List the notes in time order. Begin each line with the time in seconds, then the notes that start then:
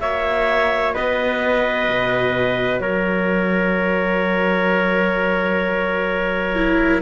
0.00 A#3 F#4 C#5 E5
0.94 B3 B4 D#5
1.89 B2
2.80 F#3 A#4 C#5
6.56 E4